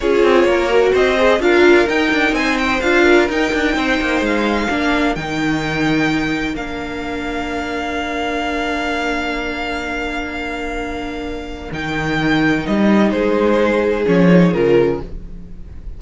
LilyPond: <<
  \new Staff \with { instrumentName = "violin" } { \time 4/4 \tempo 4 = 128 cis''2 dis''4 f''4 | g''4 gis''8 g''8 f''4 g''4~ | g''4 f''2 g''4~ | g''2 f''2~ |
f''1~ | f''1~ | f''4 g''2 dis''4 | c''2 cis''4 ais'4 | }
  \new Staff \with { instrumentName = "violin" } { \time 4/4 gis'4 ais'4 c''4 ais'4~ | ais'4 c''4. ais'4. | c''2 ais'2~ | ais'1~ |
ais'1~ | ais'1~ | ais'1 | gis'1 | }
  \new Staff \with { instrumentName = "viola" } { \time 4/4 f'4. fis'4 gis'8 f'4 | dis'2 f'4 dis'4~ | dis'2 d'4 dis'4~ | dis'2 d'2~ |
d'1~ | d'1~ | d'4 dis'2.~ | dis'2 cis'8 dis'8 f'4 | }
  \new Staff \with { instrumentName = "cello" } { \time 4/4 cis'8 c'8 ais4 c'4 d'4 | dis'8 d'8 c'4 d'4 dis'8 d'8 | c'8 ais8 gis4 ais4 dis4~ | dis2 ais2~ |
ais1~ | ais1~ | ais4 dis2 g4 | gis2 f4 cis4 | }
>>